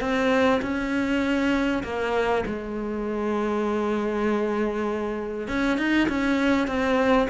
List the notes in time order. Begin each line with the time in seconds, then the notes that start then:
0.00 C4
0.62 C#4
1.83 A#3
2.46 G#3
5.48 C#4
5.78 D#4
6.09 C#4
6.67 C4